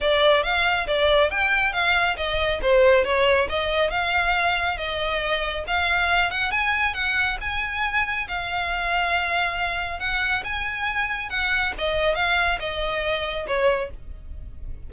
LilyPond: \new Staff \with { instrumentName = "violin" } { \time 4/4 \tempo 4 = 138 d''4 f''4 d''4 g''4 | f''4 dis''4 c''4 cis''4 | dis''4 f''2 dis''4~ | dis''4 f''4. fis''8 gis''4 |
fis''4 gis''2 f''4~ | f''2. fis''4 | gis''2 fis''4 dis''4 | f''4 dis''2 cis''4 | }